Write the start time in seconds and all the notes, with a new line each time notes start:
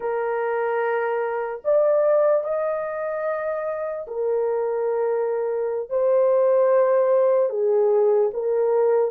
0.00 A#4
1.64 D5
2.44 D#5
4.07 A#4
5.89 C5
7.49 G#4
8.33 A#4